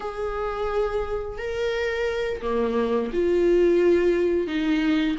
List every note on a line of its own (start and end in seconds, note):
0.00 1.38 G#4
1.38 2.41 A#4
2.41 3.10 A#3
3.13 4.47 F4
4.47 5.16 D#4